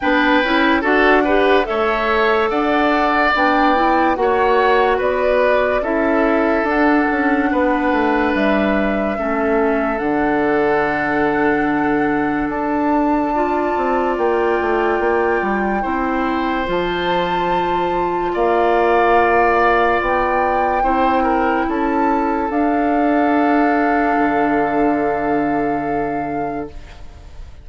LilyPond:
<<
  \new Staff \with { instrumentName = "flute" } { \time 4/4 \tempo 4 = 72 g''4 fis''4 e''4 fis''4 | g''4 fis''4 d''4 e''4 | fis''2 e''2 | fis''2. a''4~ |
a''4 g''2. | a''2 f''2 | g''2 a''4 f''4~ | f''1 | }
  \new Staff \with { instrumentName = "oboe" } { \time 4/4 b'4 a'8 b'8 cis''4 d''4~ | d''4 cis''4 b'4 a'4~ | a'4 b'2 a'4~ | a'1 |
d''2. c''4~ | c''2 d''2~ | d''4 c''8 ais'8 a'2~ | a'1 | }
  \new Staff \with { instrumentName = "clarinet" } { \time 4/4 d'8 e'8 fis'8 g'8 a'2 | d'8 e'8 fis'2 e'4 | d'2. cis'4 | d'1 |
f'2. e'4 | f'1~ | f'4 e'2 d'4~ | d'1 | }
  \new Staff \with { instrumentName = "bassoon" } { \time 4/4 b8 cis'8 d'4 a4 d'4 | b4 ais4 b4 cis'4 | d'8 cis'8 b8 a8 g4 a4 | d2. d'4~ |
d'8 c'8 ais8 a8 ais8 g8 c'4 | f2 ais2 | b4 c'4 cis'4 d'4~ | d'4 d2. | }
>>